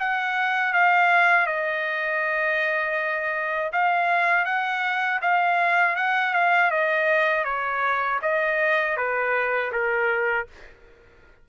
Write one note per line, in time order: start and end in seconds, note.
0.00 0.74 F#5
0.74 1.47 F5
1.47 3.72 D#5
3.73 4.45 F5
4.45 5.20 F#5
5.22 5.96 F5
5.96 6.34 F#5
6.34 6.71 F5
6.71 7.45 D#5
7.45 8.20 C#5
8.22 8.97 D#5
8.97 9.72 B4
9.72 10.47 A#4